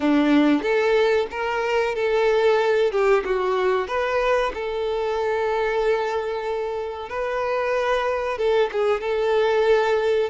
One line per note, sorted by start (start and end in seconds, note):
0.00 0.62 D4
0.62 1.26 A4
1.30 1.95 A#4
1.95 2.91 A4
2.91 3.23 G4
3.24 3.87 F#4
3.87 4.52 B4
4.53 7.09 A4
7.09 8.38 B4
8.38 8.70 A4
8.72 9.01 G#4
9.01 10.29 A4